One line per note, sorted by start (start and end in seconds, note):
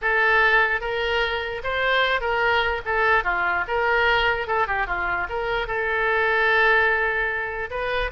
0.01 0.80 A4
0.80 1.61 A#4
1.63 2.20 C5
2.20 2.81 A#4
2.85 3.24 A4
3.24 3.64 F4
3.67 4.47 A#4
4.47 4.67 A4
4.67 4.86 G4
4.86 5.27 F4
5.29 5.67 A#4
5.67 7.69 A4
7.70 8.10 B4